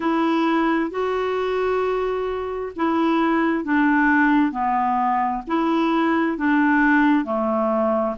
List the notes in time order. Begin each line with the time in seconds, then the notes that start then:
0.00 E4
0.90 F#4
2.76 E4
3.64 D4
4.51 B3
5.47 E4
6.37 D4
7.24 A3